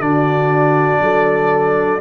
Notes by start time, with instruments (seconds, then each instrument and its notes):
0.00 tuba D3, trombone D4, horn F#4, trumpet D5
1.01 tuba F#3, horn A4